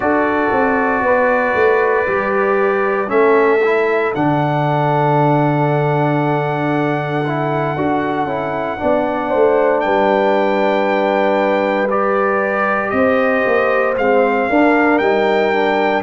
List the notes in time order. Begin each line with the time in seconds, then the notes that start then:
0.00 D4 F#4 A4 D5
0.52 C4
1.01 B3 B4
1.54 A3
2.06 G3 G4
3.07 A3 C#4 A4 E5
3.64 E4
4.14 D3 D4 F#5
7.26 E4
7.76 D4 F#4
8.24 C#4 E4
8.77 B3 D4 D5
9.30 A3 C5
9.80 G3 B4 G5
11.89 G4 D5
12.90 C4 C5 D#5
13.45 A#3
13.97 G#3 C4 F5
14.49 D4 A#4
14.98 G3 D#4 G5
15.52 D4